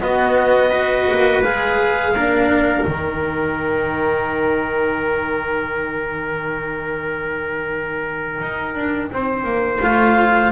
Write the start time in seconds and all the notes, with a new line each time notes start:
0.00 B3 F#4 D#5
0.70 F#4 B4
1.11 A#3
1.43 G#3 G#4 F5
2.14 A#3 D4 A#4
2.84 D#3 D#4 G5
8.41 D#4
8.75 D4
9.12 C4 C5
9.44 A#3
9.81 A3 F4 F5